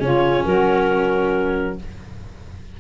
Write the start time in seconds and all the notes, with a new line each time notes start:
0.00 C#3 C#4 F4 C#5
0.46 F#3 F#4 A#4